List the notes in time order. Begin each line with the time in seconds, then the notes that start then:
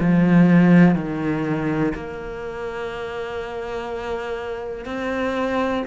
0.00 F3
0.95 D#3
1.94 A#3
4.85 C4